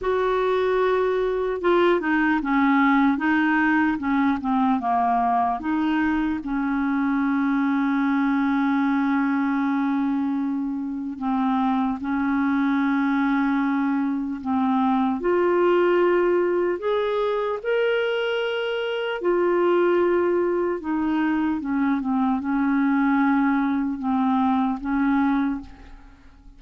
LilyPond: \new Staff \with { instrumentName = "clarinet" } { \time 4/4 \tempo 4 = 75 fis'2 f'8 dis'8 cis'4 | dis'4 cis'8 c'8 ais4 dis'4 | cis'1~ | cis'2 c'4 cis'4~ |
cis'2 c'4 f'4~ | f'4 gis'4 ais'2 | f'2 dis'4 cis'8 c'8 | cis'2 c'4 cis'4 | }